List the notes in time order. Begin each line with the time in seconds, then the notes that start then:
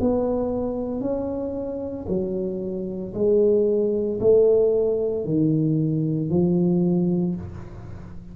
0.00 B3
1.00 C#4
2.08 F#3
3.13 G#3
4.20 A3
5.24 D#3
6.30 F3